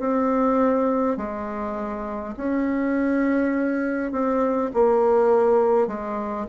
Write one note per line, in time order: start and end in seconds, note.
0.00 1.18 C4
1.18 2.35 G#3
2.37 4.12 C#4
4.12 4.71 C4
4.74 5.88 A#3
5.88 6.47 G#3